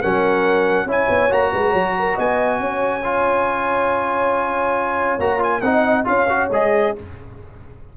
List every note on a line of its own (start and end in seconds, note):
0.00 0.86 F#3
0.00 0.88 C#4
0.00 0.86 A#4
0.00 0.88 F#5
0.86 1.07 C#4
0.86 1.30 E4
0.86 1.52 C#5
0.86 1.33 G#5
1.09 1.31 B3
1.30 1.53 A#3
1.30 3.02 F#4
1.30 2.19 A#5
1.53 1.74 G#3
1.53 1.71 B4
1.71 2.17 F#3
1.71 1.92 C#5
1.99 2.15 A#4
2.15 2.60 B3
2.15 2.59 D#5
2.15 5.21 G#5
2.60 5.19 C#4
2.60 5.63 C#5
3.04 5.20 F4
5.19 5.62 A#3
5.19 5.39 F#4
5.19 5.42 A#5
5.39 5.60 F4
5.39 5.61 G#5
5.61 6.05 C4
5.61 6.05 D#4
5.61 6.08 D#5
5.61 6.04 F#5
6.05 6.50 C#4
6.05 6.26 F4
6.05 6.96 C#5
6.05 6.50 F5
6.29 6.51 F#4
6.50 6.93 G#3
6.50 6.96 G#4
6.50 6.97 D#5